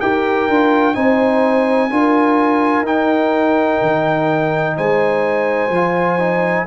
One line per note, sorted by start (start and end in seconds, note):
0.00 0.48 D#4
0.00 0.49 G4
0.00 0.96 A#4
0.00 0.94 G5
0.48 0.95 D4
0.48 0.94 F4
0.94 1.90 C4
0.94 1.90 D#4
0.94 1.91 C5
0.94 2.85 G#5
1.90 2.82 D4
1.90 2.85 F4
1.90 4.76 A#4
2.82 3.77 D#4
2.82 5.70 D#4
2.82 4.77 G5
3.81 4.77 D#3
4.76 5.69 G#3
4.76 6.66 C5
4.76 6.67 G#5
5.69 6.65 F3
5.69 6.19 F4
6.19 6.66 D#4